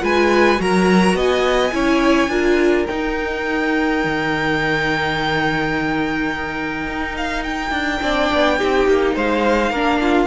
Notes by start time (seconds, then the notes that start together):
0.00 G#3 F4 B4 G#5
0.57 F#3 F#4 A#4 A#5
1.14 B3 D#5 G#5
1.72 C#4 E4 C#5
2.28 D4 F4 A#4
2.87 D#4 G5
4.04 D#3
6.87 D#4
7.17 F5
7.43 G5
7.71 D4
8.01 C4 D4 D5
8.33 B3
8.58 C4 D#4 G4
8.88 A#3
9.15 G#3 C5 F5
9.71 A#3 D4 A#4
10.01 F4